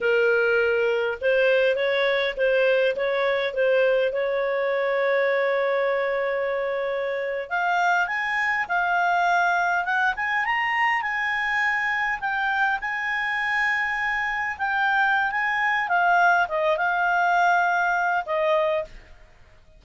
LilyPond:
\new Staff \with { instrumentName = "clarinet" } { \time 4/4 \tempo 4 = 102 ais'2 c''4 cis''4 | c''4 cis''4 c''4 cis''4~ | cis''1~ | cis''8. f''4 gis''4 f''4~ f''16~ |
f''8. fis''8 gis''8 ais''4 gis''4~ gis''16~ | gis''8. g''4 gis''2~ gis''16~ | gis''8. g''4~ g''16 gis''4 f''4 | dis''8 f''2~ f''8 dis''4 | }